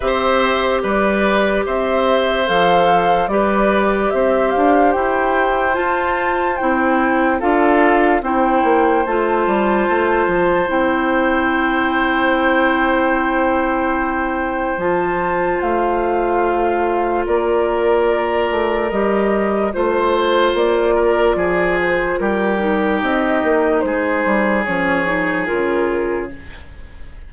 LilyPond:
<<
  \new Staff \with { instrumentName = "flute" } { \time 4/4 \tempo 4 = 73 e''4 d''4 e''4 f''4 | d''4 e''8 f''8 g''4 a''4 | g''4 f''4 g''4 a''4~ | a''4 g''2.~ |
g''2 a''4 f''4~ | f''4 d''2 dis''4 | c''4 d''4. c''8 ais'4 | dis''4 c''4 cis''4 ais'4 | }
  \new Staff \with { instrumentName = "oboe" } { \time 4/4 c''4 b'4 c''2 | b'4 c''2.~ | c''4 a'4 c''2~ | c''1~ |
c''1~ | c''4 ais'2. | c''4. ais'8 gis'4 g'4~ | g'4 gis'2. | }
  \new Staff \with { instrumentName = "clarinet" } { \time 4/4 g'2. a'4 | g'2. f'4 | e'4 f'4 e'4 f'4~ | f'4 e'2.~ |
e'2 f'2~ | f'2. g'4 | f'2.~ f'8 dis'8~ | dis'2 cis'8 dis'8 f'4 | }
  \new Staff \with { instrumentName = "bassoon" } { \time 4/4 c'4 g4 c'4 f4 | g4 c'8 d'8 e'4 f'4 | c'4 d'4 c'8 ais8 a8 g8 | a8 f8 c'2.~ |
c'2 f4 a4~ | a4 ais4. a8 g4 | a4 ais4 f4 g4 | c'8 ais8 gis8 g8 f4 cis4 | }
>>